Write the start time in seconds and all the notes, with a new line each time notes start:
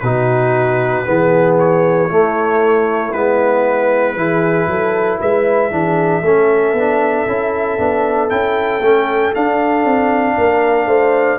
0.00 B2 D#4 F#4 B4
1.06 E3 B3 G#4
1.59 C#5
2.10 A3 E4
3.13 G#3 B3 B4
4.15 E3 E4 G#4
4.68 F#3 A4
5.19 G#3 B4 E5
5.71 E3 D4 G#4
6.22 A3 C#4 A4
6.73 B3 D4
7.27 C#4 E4
7.79 B3 D4
8.29 C#4 E4 G5
8.80 A3 C#4
9.35 D4 F5
9.85 C4
10.38 A#3 A#4
10.86 A3 C5